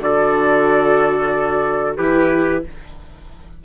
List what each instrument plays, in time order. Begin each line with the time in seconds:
0.00 bassoon D3, viola F#4, trumpet A4 D5
1.97 bassoon E3, viola E4, trumpet G4 B4